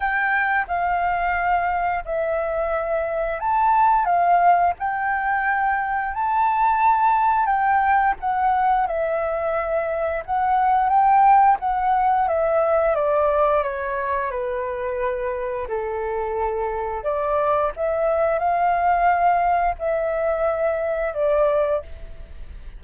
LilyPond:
\new Staff \with { instrumentName = "flute" } { \time 4/4 \tempo 4 = 88 g''4 f''2 e''4~ | e''4 a''4 f''4 g''4~ | g''4 a''2 g''4 | fis''4 e''2 fis''4 |
g''4 fis''4 e''4 d''4 | cis''4 b'2 a'4~ | a'4 d''4 e''4 f''4~ | f''4 e''2 d''4 | }